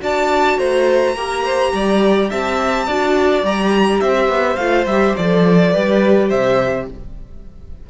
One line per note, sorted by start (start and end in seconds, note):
0.00 0.58 D4
0.00 1.14 F#4
0.00 0.59 D5
0.00 0.59 A5
0.58 1.15 A3
0.58 1.16 C5
0.58 2.31 A#5
1.15 1.72 A#3
1.15 2.88 G4
1.15 1.44 A#4
1.44 1.73 C5
1.74 2.31 G3
1.74 2.30 D5
2.30 2.88 C4
2.30 2.87 E5
2.30 3.45 A5
2.87 3.44 D4
2.87 3.44 F#4
2.87 4.01 D5
3.44 4.01 G3
3.44 4.58 G4
3.44 4.01 A#5
4.01 4.29 C4
4.01 5.72 C5
4.01 4.56 E5
4.29 4.57 B3
4.56 4.86 A3
4.56 4.89 F4
4.56 4.85 F5
4.86 5.15 G3
4.86 5.19 G4
4.86 5.16 E5
5.17 5.75 F3
5.17 5.75 A4
5.17 6.30 D5
5.72 6.32 G3
5.72 6.89 G4
5.72 6.29 B4
6.29 6.90 C3
6.29 6.86 C5
6.29 6.87 E5